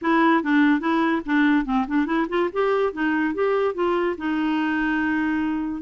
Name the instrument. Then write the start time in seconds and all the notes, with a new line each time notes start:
clarinet
0.01 E4
0.43 D4
0.80 E4
1.25 D4
1.65 C4
1.87 D4
2.05 E4
2.28 F4
2.52 G4
2.92 D#4
3.34 G4
3.74 F4
4.17 D#4